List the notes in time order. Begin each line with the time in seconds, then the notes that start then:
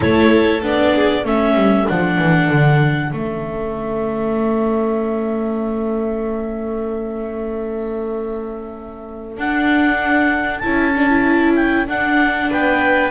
0.00 A3 E4 A4 C#5
0.62 B3 D4 D5
0.95 G#4
1.24 A3 C#4 A4 E5
1.54 G3
1.87 F3 D4 F#5
2.18 E3
2.49 D3
3.11 A3 C#4 E5
9.37 D4 F#5
10.59 C#4 E4 A5
10.95 D4
11.09 E4
11.55 G5
11.87 D4 F#5
12.50 B3 B4 G5